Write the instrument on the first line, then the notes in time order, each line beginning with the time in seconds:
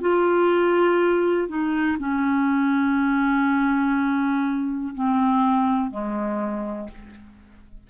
clarinet
0.00 F4
1.48 D#4
1.99 C#4
4.94 C4
5.90 G#3